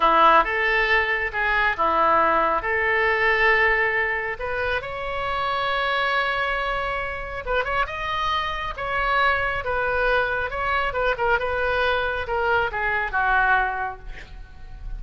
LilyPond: \new Staff \with { instrumentName = "oboe" } { \time 4/4 \tempo 4 = 137 e'4 a'2 gis'4 | e'2 a'2~ | a'2 b'4 cis''4~ | cis''1~ |
cis''4 b'8 cis''8 dis''2 | cis''2 b'2 | cis''4 b'8 ais'8 b'2 | ais'4 gis'4 fis'2 | }